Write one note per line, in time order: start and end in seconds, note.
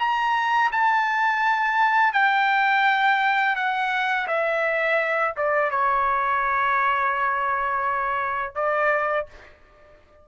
0.00 0.71 A#5
0.72 2.13 A5
2.13 3.56 G5
3.56 4.28 F#5
4.28 5.35 E5
5.37 5.71 D5
5.71 8.56 C#5
8.56 9.27 D5